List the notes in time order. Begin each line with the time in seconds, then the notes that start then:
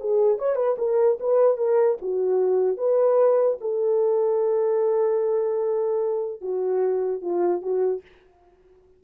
0.00 G#4
0.38 C#5
0.56 B4
0.78 A#4
1.20 B4
1.58 A#4
2.02 F#4
2.77 B4
3.61 A4
6.42 F#4
7.22 F4
7.62 F#4